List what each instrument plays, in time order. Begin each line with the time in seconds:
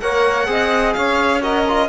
0.00 cello A#3, trombone A#4, saxophone C#5, violin F#5
0.46 cello C4, trombone G#4, saxophone D#5
0.93 cello C#4, saxophone C#5, violin F5
1.40 trombone F#4, saxophone A#4, violin D#5
1.68 trombone F4